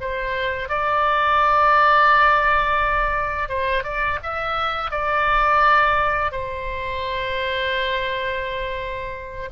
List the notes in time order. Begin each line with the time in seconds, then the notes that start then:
0.00 C5
0.68 D5
3.48 C5
3.83 D5
4.22 E5
4.90 D5
6.31 C5